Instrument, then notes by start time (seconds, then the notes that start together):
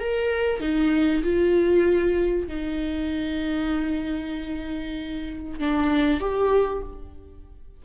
viola
0.00 A#4
0.61 D#4
1.24 F4
2.48 D#4
5.60 D4
6.20 G4